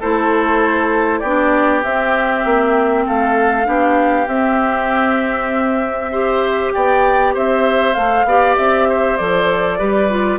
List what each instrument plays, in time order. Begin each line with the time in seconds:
0.00 bassoon A3, clarinet E4, oboe A4, flute C5
1.19 bassoon B3, clarinet D4, oboe G4, flute D5
1.83 clarinet C4, bassoon C4, flute E5
2.45 bassoon A#3
3.06 bassoon A3, oboe A4, flute F5
3.64 bassoon B3, clarinet D4, oboe G4
4.27 bassoon C4, clarinet C4, flute E5
6.11 clarinet G4, oboe C5
6.73 bassoon B3, oboe D5, flute G5
7.34 bassoon C4, oboe C5, flute E5
7.94 bassoon A3, clarinet A4, flute F5
8.24 bassoon B3, clarinet G4, oboe D5
8.56 bassoon C4, flute E5
8.89 oboe C5
9.17 bassoon F3, clarinet A4, flute D5
9.78 bassoon G3, clarinet G4, oboe B4
10.09 clarinet F4